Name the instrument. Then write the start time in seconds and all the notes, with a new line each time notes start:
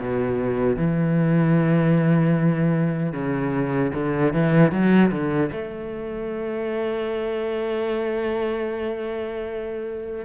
cello
0.00 B2
0.76 E3
3.13 C#3
3.94 D3
4.33 E3
4.71 F#3
5.11 D3
5.52 A3